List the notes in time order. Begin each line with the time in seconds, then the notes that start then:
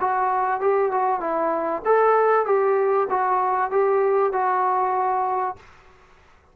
0.00 F#4
0.60 G4
0.91 F#4
1.20 E4
1.85 A4
2.45 G4
3.10 F#4
3.71 G4
4.32 F#4